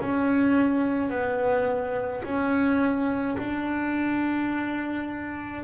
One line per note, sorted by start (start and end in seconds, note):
0.00 1.10 C#4
1.10 2.23 B3
2.24 3.37 C#4
3.38 5.64 D4